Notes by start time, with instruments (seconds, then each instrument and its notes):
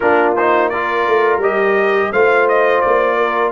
0.00 tuba A#3, trombone D4, horn F4, trumpet A#4
0.36 trombone D#4, trumpet C5
0.69 trombone F4, horn A#4, trumpet D5
1.06 tuba A3
1.38 tuba G3, trombone G4, trumpet D#5
2.11 tuba A3, trombone F4, horn C5, trumpet F5
2.48 trumpet D#5
2.80 tuba A#3, trumpet D5
3.16 horn A#4